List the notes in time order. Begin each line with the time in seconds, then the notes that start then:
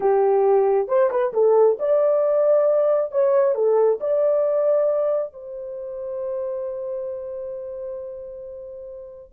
0.00 G4
0.87 C5
1.10 B4
1.33 A4
1.79 D5
3.11 C#5
3.54 A4
4.00 D5
5.33 C5